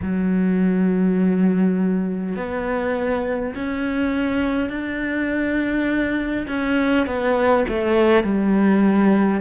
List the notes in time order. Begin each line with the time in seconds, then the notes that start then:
0.02 F#3
2.36 B3
3.55 C#4
4.70 D4
6.47 C#4
7.06 B3
7.68 A3
8.24 G3